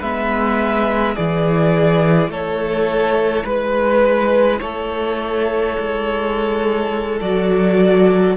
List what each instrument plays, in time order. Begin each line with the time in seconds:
0.00 cello G#3, viola B3, violin B4 E5
1.15 cello E3, viola E4, violin G#4 D5
2.29 cello A3, violin A4 C#5
3.44 cello G#3, violin B4
4.60 cello A3, violin A4 C#5
5.78 cello G#3
7.21 cello F#3, viola F#4, violin D5